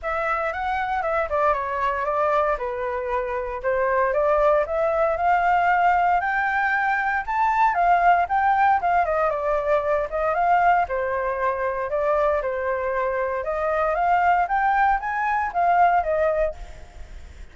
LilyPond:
\new Staff \with { instrumentName = "flute" } { \time 4/4 \tempo 4 = 116 e''4 fis''4 e''8 d''8 cis''4 | d''4 b'2 c''4 | d''4 e''4 f''2 | g''2 a''4 f''4 |
g''4 f''8 dis''8 d''4. dis''8 | f''4 c''2 d''4 | c''2 dis''4 f''4 | g''4 gis''4 f''4 dis''4 | }